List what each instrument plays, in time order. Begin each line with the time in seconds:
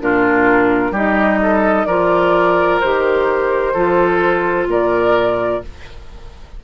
0.00 bassoon A#2, clarinet D4, oboe F4, flute A#4
0.91 bassoon G3, clarinet D#4, oboe G4, flute D#5
1.43 oboe A4
1.86 bassoon F3, clarinet F4, oboe A#4, flute D5
2.80 bassoon D#3, clarinet G4, flute C5
3.73 bassoon F3, clarinet F4, oboe A4
4.67 bassoon A#2, oboe A#4, flute D5